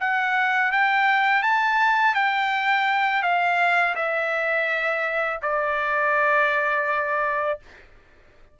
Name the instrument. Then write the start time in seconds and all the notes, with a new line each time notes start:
trumpet
0.00 F#5
0.72 G5
1.43 A5
2.15 G5
3.23 F5
3.95 E5
5.42 D5